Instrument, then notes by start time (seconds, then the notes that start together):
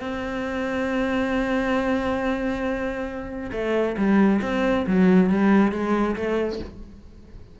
cello
0.00 C4
3.52 A3
3.97 G3
4.42 C4
4.86 F#3
5.30 G3
5.72 G#3
6.16 A3